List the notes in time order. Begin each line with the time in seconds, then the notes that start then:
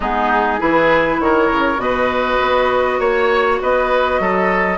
0.00 G#3 B3 D#4 G#4
0.58 E3 E4 G#4 B4
1.20 D#3 A#4 C#5
1.51 C#3
1.76 B2 F#4 B4 D#5
2.41 B3
2.99 A#3 C#5
3.61 B3 B4 D#5
4.19 F#3 A4